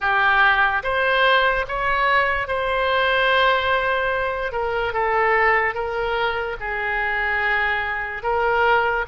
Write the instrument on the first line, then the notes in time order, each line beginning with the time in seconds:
oboe
0.00 G4
0.83 C5
1.68 C#5
2.47 C5
4.52 A#4
4.93 A4
5.74 A#4
6.59 G#4
8.22 A#4